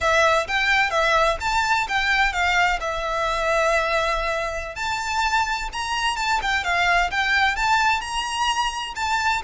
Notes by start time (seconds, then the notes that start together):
0.00 E5
0.47 G5
0.90 E5
1.40 A5
1.88 G5
2.33 F5
2.80 E5
4.75 A5
5.72 A#5
6.16 A5
6.41 G5
6.63 F5
7.10 G5
7.56 A5
8.00 A#5
8.95 A5